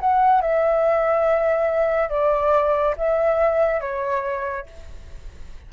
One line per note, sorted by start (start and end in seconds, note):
0.00 0.42 F#5
0.42 2.10 E5
2.10 2.95 D5
2.97 3.81 E5
3.81 4.66 C#5